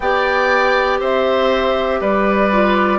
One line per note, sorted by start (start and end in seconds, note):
0.00 1.00 B3
0.00 2.52 G4
0.00 1.00 D5
0.00 0.99 G5
1.00 2.00 C4
1.00 2.00 C5
1.00 2.01 E5
2.00 2.99 G3
2.00 2.99 B4
2.00 2.99 D5
2.52 2.99 F4